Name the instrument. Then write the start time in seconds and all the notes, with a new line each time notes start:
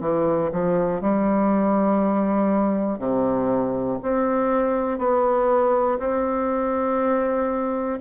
bassoon
0.00 E3
0.52 F3
1.01 G3
2.98 C3
4.02 C4
4.98 B3
5.99 C4